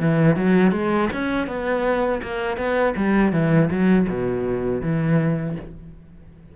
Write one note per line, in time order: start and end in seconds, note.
0.00 0.36 E3
0.36 0.71 F#3
0.71 1.08 G#3
1.12 1.47 C#4
1.47 2.21 B3
2.22 2.57 A#3
2.57 2.94 B3
2.96 3.32 G3
3.32 3.69 E3
3.70 4.07 F#3
4.08 4.81 B2
4.81 5.56 E3